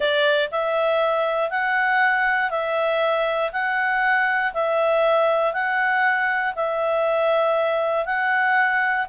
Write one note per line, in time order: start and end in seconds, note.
0.00 0.50 D5
0.51 1.50 E5
1.50 2.50 F#5
2.50 3.51 E5
3.52 4.53 F#5
4.53 5.53 E5
5.53 6.53 F#5
6.55 8.05 E5
8.05 9.06 F#5